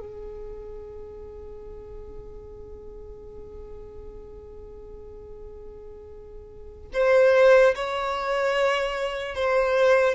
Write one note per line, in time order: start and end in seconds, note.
0.00 6.89 G#4
6.94 7.75 C5
7.75 9.35 C#5
9.35 10.15 C5